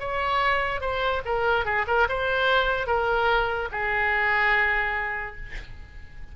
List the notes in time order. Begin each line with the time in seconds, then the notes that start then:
0.00 C#5
0.81 C5
1.25 A#4
1.65 G#4
1.87 A#4
2.09 C5
2.87 A#4
3.72 G#4